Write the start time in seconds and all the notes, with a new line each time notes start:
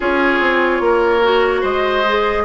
0.00 C#4 F4 G#4 C#5
0.40 C4
0.80 A#3 A#4
1.22 F#4
1.60 G#3 C5 D#5
2.06 G#4